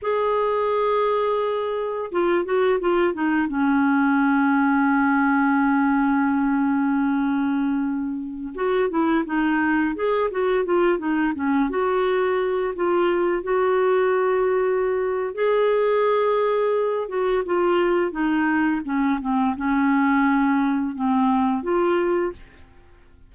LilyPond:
\new Staff \with { instrumentName = "clarinet" } { \time 4/4 \tempo 4 = 86 gis'2. f'8 fis'8 | f'8 dis'8 cis'2.~ | cis'1~ | cis'16 fis'8 e'8 dis'4 gis'8 fis'8 f'8 dis'16~ |
dis'16 cis'8 fis'4. f'4 fis'8.~ | fis'2 gis'2~ | gis'8 fis'8 f'4 dis'4 cis'8 c'8 | cis'2 c'4 f'4 | }